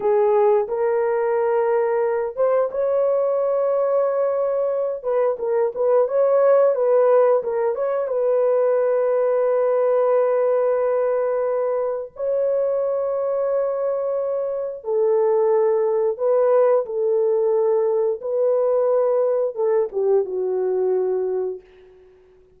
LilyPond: \new Staff \with { instrumentName = "horn" } { \time 4/4 \tempo 4 = 89 gis'4 ais'2~ ais'8 c''8 | cis''2.~ cis''8 b'8 | ais'8 b'8 cis''4 b'4 ais'8 cis''8 | b'1~ |
b'2 cis''2~ | cis''2 a'2 | b'4 a'2 b'4~ | b'4 a'8 g'8 fis'2 | }